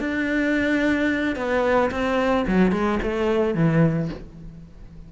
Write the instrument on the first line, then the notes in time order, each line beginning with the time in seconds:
cello
0.00 D4
1.36 B3
1.91 C4
2.48 F#3
2.72 G#3
3.03 A3
3.55 E3